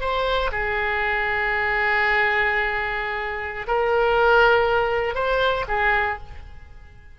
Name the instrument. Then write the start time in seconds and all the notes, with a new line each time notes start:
oboe
0.00 C5
0.51 G#4
3.67 A#4
5.14 C5
5.68 G#4